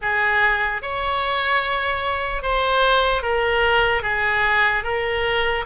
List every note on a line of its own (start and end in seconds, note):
0.01 0.81 G#4
0.81 2.42 C#5
2.42 3.22 C5
3.22 4.02 A#4
4.02 4.83 G#4
4.83 5.64 A#4